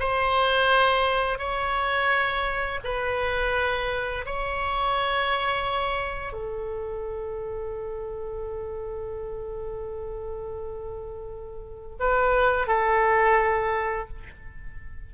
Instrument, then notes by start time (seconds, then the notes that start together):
oboe
0.00 C5
1.39 C#5
2.85 B4
4.26 C#5
6.33 A4
12.00 B4
12.68 A4